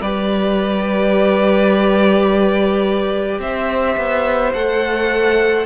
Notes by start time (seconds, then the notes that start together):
0.00 G3 G4 B4 D5
3.39 C4 C5 E5
3.96 B3
4.53 A3 A4 F#5